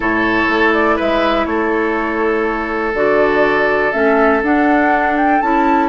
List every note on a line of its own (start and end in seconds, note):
0.00 0.47 A2
0.00 2.95 E4
0.00 0.96 A4
0.00 0.73 C#5
0.48 0.98 A3
0.73 0.98 D5
0.96 1.46 G#3
0.96 1.45 B4
0.96 1.45 E5
1.45 2.93 A3
1.45 5.89 A4
1.45 2.93 C#5
2.93 3.92 D3
2.93 3.92 F#4
2.93 3.92 D5
3.92 4.42 A3
3.92 4.41 C#4
3.92 4.41 E5
4.42 5.40 D4
4.42 5.42 D4
4.42 5.17 F#5
5.17 5.41 G5
5.41 5.89 C#4
5.41 5.89 E4
5.41 5.89 A5